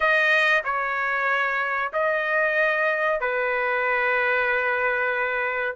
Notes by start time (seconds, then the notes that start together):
0.00 D#5
0.64 C#5
1.92 D#5
3.20 B4